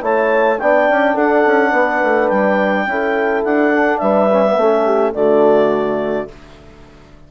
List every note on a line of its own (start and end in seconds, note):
0.00 0.59 A3
0.00 0.57 E4
0.00 0.59 C#5
0.00 0.59 A5
0.59 0.88 B3
0.59 2.88 D4
0.59 1.14 D5
0.59 1.16 G5
0.88 1.15 C#4
1.14 1.43 D4
1.14 1.71 A4
1.14 2.28 F#5
1.46 1.72 C#4
1.71 2.00 B3
1.71 2.85 B4
2.03 2.30 A3
2.28 2.86 G3
2.28 3.42 G5
2.86 3.43 C#4
2.86 3.73 E4
2.86 4.01 A4
3.44 4.01 D4
3.44 3.97 F#5
3.73 4.30 D4
3.97 4.56 G3
3.97 4.58 B4
3.97 5.12 E5
4.32 4.45 C#4
4.45 4.59 B3
4.56 5.13 A3
4.56 5.13 C#4
4.56 4.85 A4
4.85 5.13 G4
5.13 6.28 D3
5.13 6.28 A3
5.13 6.30 F#4
5.13 6.28 D5